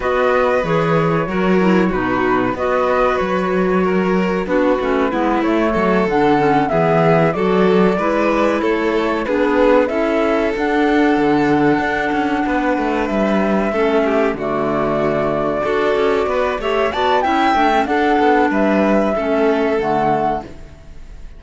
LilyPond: <<
  \new Staff \with { instrumentName = "flute" } { \time 4/4 \tempo 4 = 94 dis''4 cis''2 b'4 | dis''4 cis''2 b'4~ | b'8 cis''4 fis''4 e''4 d''8~ | d''4. cis''4 b'4 e''8~ |
e''8 fis''2.~ fis''8~ | fis''8 e''2 d''4.~ | d''2 e''8 a''8 g''4 | fis''4 e''2 fis''4 | }
  \new Staff \with { instrumentName = "violin" } { \time 4/4 b'2 ais'4 fis'4 | b'2 ais'4 fis'4 | e'4 a'4. gis'4 a'8~ | a'8 b'4 a'4 gis'4 a'8~ |
a'2.~ a'8 b'8~ | b'4. a'8 g'8 fis'4.~ | fis'8 a'4 b'8 cis''8 d''8 e''4 | a'4 b'4 a'2 | }
  \new Staff \with { instrumentName = "clarinet" } { \time 4/4 fis'4 gis'4 fis'8 e'8 dis'4 | fis'2. d'8 cis'8 | b8 a4 d'8 cis'8 b4 fis'8~ | fis'8 e'2 d'4 e'8~ |
e'8 d'2.~ d'8~ | d'4. cis'4 a4.~ | a8 fis'4. g'8 fis'8 e'8 d'16 cis'16 | d'2 cis'4 a4 | }
  \new Staff \with { instrumentName = "cello" } { \time 4/4 b4 e4 fis4 b,4 | b4 fis2 b8 a8 | gis8 a8 fis8 d4 e4 fis8~ | fis8 gis4 a4 b4 cis'8~ |
cis'8 d'4 d4 d'8 cis'8 b8 | a8 g4 a4 d4.~ | d8 d'8 cis'8 b8 a8 b8 cis'8 a8 | d'8 b8 g4 a4 d4 | }
>>